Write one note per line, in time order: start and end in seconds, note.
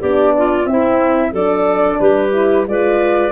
0.00 0.66 B3
0.00 0.64 D4
0.00 0.33 G4
0.00 0.66 D5
0.37 0.70 F4
0.64 1.31 C4
0.64 1.33 C4
0.64 1.33 E5
0.70 1.32 E4
1.32 1.99 F#3
1.32 2.32 D4
1.32 1.99 A4
1.32 2.00 D5
2.00 2.67 G3
2.00 2.67 G4
2.00 2.67 B4
2.32 2.65 E4
2.66 3.32 G#3
2.66 3.32 F4
2.66 3.32 B4
2.66 3.32 D5